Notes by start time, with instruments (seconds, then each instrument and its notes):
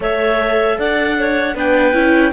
0.00 cello A3, viola A4, clarinet C#5 E5
0.78 cello D4, clarinet D5 F#5
1.19 clarinet C#5
1.54 cello B3, viola D4, clarinet B4 G5
1.93 cello C#4, viola E4